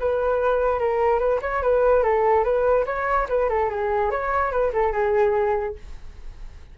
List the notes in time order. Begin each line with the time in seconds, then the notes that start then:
0.00 B4
0.79 A#4
1.20 B4
1.42 C#5
1.63 B4
2.04 A4
2.44 B4
2.86 C#5
3.29 B4
3.49 A4
3.70 G#4
4.11 C#5
4.52 B4
4.73 A4
4.93 G#4